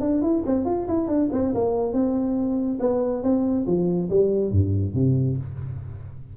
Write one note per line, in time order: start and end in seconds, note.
0.00 0.21 D4
0.21 0.43 E4
0.46 0.65 C4
0.65 0.86 F4
0.87 1.08 E4
1.08 1.29 D4
1.32 1.53 C4
1.54 1.93 A#3
1.93 2.78 C4
2.80 3.22 B3
3.23 3.65 C4
3.66 4.09 F3
4.09 4.51 G3
4.51 4.94 G2
4.94 5.37 C3